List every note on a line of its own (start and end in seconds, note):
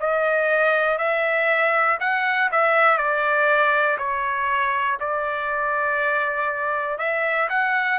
0.00 0.98 D#5
0.98 1.98 E5
2.00 2.50 F#5
2.51 2.97 E5
2.97 3.97 D5
3.98 4.98 C#5
5.00 6.98 D5
6.98 7.48 E5
7.49 7.99 F#5